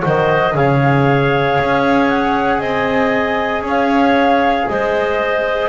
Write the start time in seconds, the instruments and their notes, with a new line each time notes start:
0.00 double bass D#3, trombone F#4, clarinet C5, flute D#5
0.54 double bass C#3, trombone G#4, clarinet C#5, flute F5
1.60 double bass C#4
2.08 flute F#5
2.59 double bass C4, clarinet D#5, flute G#5
3.61 double bass C#4, clarinet C#5
3.69 flute F5
4.68 double bass G#3, clarinet C5, flute D#5